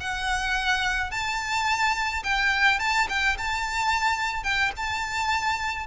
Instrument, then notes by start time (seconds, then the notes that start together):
violin
0.00 F#5
1.10 A5
2.23 G5
2.79 A5
3.08 G5
3.37 A5
4.43 G5
4.76 A5